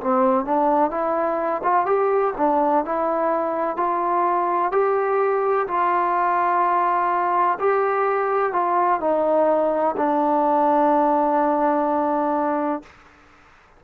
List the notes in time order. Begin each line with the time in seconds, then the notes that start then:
0.00 C4
0.45 D4
0.90 E4
1.63 F4
1.86 G4
2.37 D4
2.85 E4
3.76 F4
4.71 G4
5.67 F4
7.59 G4
8.52 F4
9.00 D#4
9.97 D4